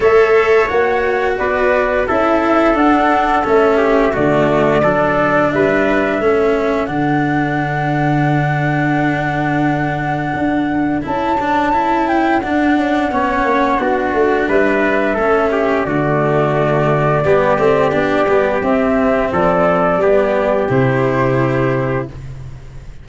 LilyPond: <<
  \new Staff \with { instrumentName = "flute" } { \time 4/4 \tempo 4 = 87 e''4 fis''4 d''4 e''4 | fis''4 e''4 d''2 | e''2 fis''2~ | fis''1 |
a''4. g''8 fis''2~ | fis''4 e''2 d''4~ | d''2. e''4 | d''2 c''2 | }
  \new Staff \with { instrumentName = "trumpet" } { \time 4/4 cis''2 b'4 a'4~ | a'4. g'8 fis'4 a'4 | b'4 a'2.~ | a'1~ |
a'2. cis''4 | fis'4 b'4 a'8 g'8 fis'4~ | fis'4 g'2. | a'4 g'2. | }
  \new Staff \with { instrumentName = "cello" } { \time 4/4 a'4 fis'2 e'4 | d'4 cis'4 a4 d'4~ | d'4 cis'4 d'2~ | d'1 |
e'8 d'8 e'4 d'4 cis'4 | d'2 cis'4 a4~ | a4 b8 c'8 d'8 b8 c'4~ | c'4 b4 e'2 | }
  \new Staff \with { instrumentName = "tuba" } { \time 4/4 a4 ais4 b4 cis'4 | d'4 a4 d4 fis4 | g4 a4 d2~ | d2. d'4 |
cis'2 d'8 cis'8 b8 ais8 | b8 a8 g4 a4 d4~ | d4 g8 a8 b8 g8 c'4 | f4 g4 c2 | }
>>